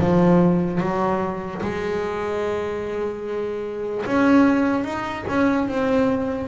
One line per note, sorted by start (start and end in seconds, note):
0.00 0.81 F3
0.81 1.62 F#3
1.63 4.06 G#3
4.07 4.85 C#4
4.85 5.26 D#4
5.29 5.69 C#4
5.69 6.48 C4